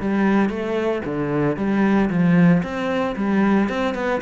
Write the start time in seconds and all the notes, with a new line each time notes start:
0.00 G3
0.49 A3
1.05 D3
1.57 G3
2.10 F3
2.63 C4
3.16 G3
3.69 C4
3.94 B3